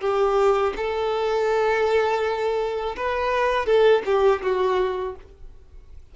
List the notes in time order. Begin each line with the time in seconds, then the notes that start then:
0.00 G4
0.76 A4
2.96 B4
3.65 A4
4.05 G4
4.42 F#4